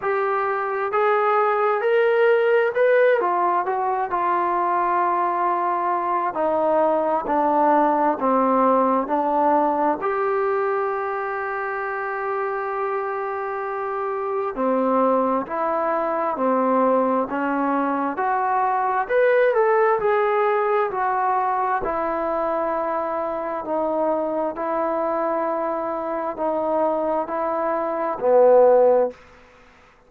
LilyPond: \new Staff \with { instrumentName = "trombone" } { \time 4/4 \tempo 4 = 66 g'4 gis'4 ais'4 b'8 f'8 | fis'8 f'2~ f'8 dis'4 | d'4 c'4 d'4 g'4~ | g'1 |
c'4 e'4 c'4 cis'4 | fis'4 b'8 a'8 gis'4 fis'4 | e'2 dis'4 e'4~ | e'4 dis'4 e'4 b4 | }